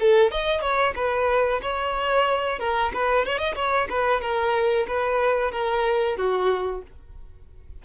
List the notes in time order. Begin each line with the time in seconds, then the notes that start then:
0.00 A4
0.31 D#5
0.61 C#5
0.95 B4
1.62 C#5
2.59 A#4
2.93 B4
3.26 C#5
3.38 D#5
3.55 C#5
3.90 B4
4.21 A#4
4.88 B4
5.52 A#4
6.17 F#4